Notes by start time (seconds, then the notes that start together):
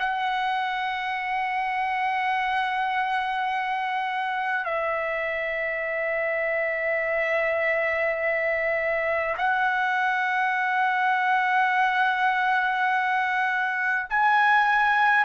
0.00 F#5
4.65 E5
9.38 F#5
14.10 G#5